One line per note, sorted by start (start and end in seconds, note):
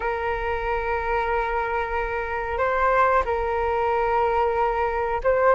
0.00 2.58 A#4
2.58 3.23 C5
3.25 5.21 A#4
5.24 5.54 C5